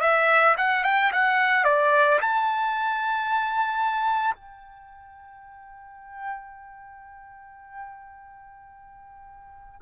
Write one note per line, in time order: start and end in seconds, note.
0.00 0.55 E5
0.58 0.84 F#5
0.84 1.11 G5
1.12 1.64 F#5
1.64 2.19 D5
2.21 4.34 A5
4.34 9.80 G5